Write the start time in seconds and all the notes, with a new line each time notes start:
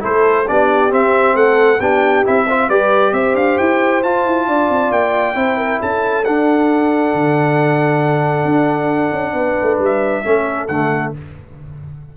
0.00 A3 E4 A4 C5
0.47 B3 D4 G4 D5
0.90 C4 E5
1.35 A3 A4 F#5
1.79 B3 D4 G4 G5
2.24 C4 E4 E5
2.48 F4 C5
2.68 G3 G4 B4 D5
3.12 C4 C5 E5
3.34 D4 F5
3.58 E4 G5
4.03 F4 A5
4.25 E4
4.47 D4 D5
4.69 C4
4.91 A#3 G5
5.35 C4 E4 C5
5.57 A#4
5.80 C#4 A4 A5
6.25 D4 F#5
7.14 D3
8.45 D4
9.12 C#4
9.33 B3 B4
9.62 A3
9.79 G3 E5
10.24 A3 C#4 A4
10.67 D3 A3 F#5